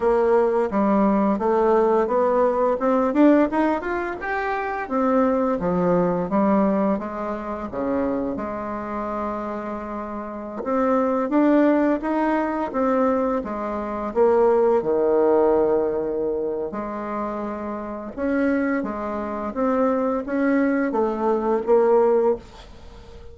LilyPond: \new Staff \with { instrumentName = "bassoon" } { \time 4/4 \tempo 4 = 86 ais4 g4 a4 b4 | c'8 d'8 dis'8 f'8 g'4 c'4 | f4 g4 gis4 cis4 | gis2.~ gis16 c'8.~ |
c'16 d'4 dis'4 c'4 gis8.~ | gis16 ais4 dis2~ dis8. | gis2 cis'4 gis4 | c'4 cis'4 a4 ais4 | }